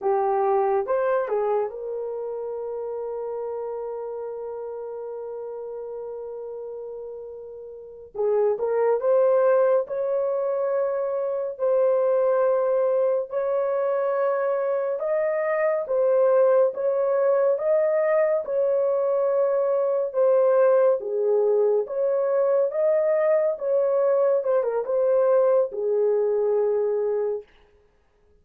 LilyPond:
\new Staff \with { instrumentName = "horn" } { \time 4/4 \tempo 4 = 70 g'4 c''8 gis'8 ais'2~ | ais'1~ | ais'4. gis'8 ais'8 c''4 cis''8~ | cis''4. c''2 cis''8~ |
cis''4. dis''4 c''4 cis''8~ | cis''8 dis''4 cis''2 c''8~ | c''8 gis'4 cis''4 dis''4 cis''8~ | cis''8 c''16 ais'16 c''4 gis'2 | }